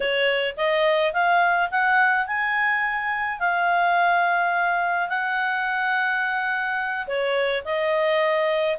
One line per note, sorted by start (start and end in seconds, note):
0.00 0.55 C#5
0.56 1.13 D#5
1.13 1.69 F5
1.70 2.26 F#5
2.26 3.39 G#5
3.39 5.08 F5
5.08 7.07 F#5
7.07 7.63 C#5
7.64 8.78 D#5